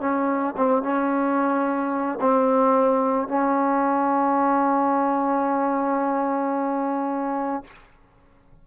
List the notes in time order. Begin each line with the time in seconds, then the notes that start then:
0.00 C#4
0.57 C4
0.83 C#4
2.21 C4
3.28 C#4